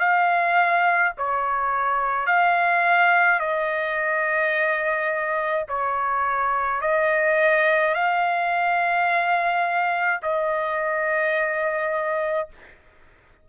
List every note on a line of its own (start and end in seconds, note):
0.00 1.13 F5
1.18 2.26 C#5
2.26 3.40 F5
3.40 5.67 D#5
5.69 6.81 C#5
6.81 7.95 D#5
7.95 10.21 F5
10.23 12.49 D#5